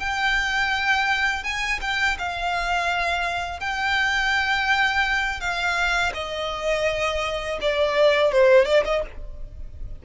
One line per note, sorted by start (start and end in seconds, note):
0.00 1.44 G5
1.44 1.80 G#5
1.81 2.18 G5
2.19 3.60 F5
3.60 5.41 G5
5.41 6.13 F5
6.14 7.59 D#5
7.61 8.32 D5
8.32 8.66 C5
8.66 8.84 D5
8.85 9.03 D#5